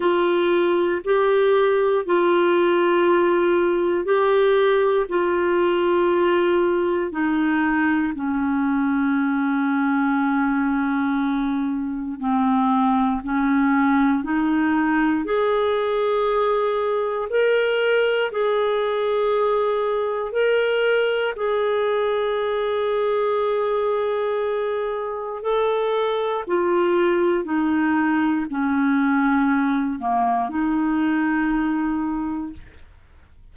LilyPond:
\new Staff \with { instrumentName = "clarinet" } { \time 4/4 \tempo 4 = 59 f'4 g'4 f'2 | g'4 f'2 dis'4 | cis'1 | c'4 cis'4 dis'4 gis'4~ |
gis'4 ais'4 gis'2 | ais'4 gis'2.~ | gis'4 a'4 f'4 dis'4 | cis'4. ais8 dis'2 | }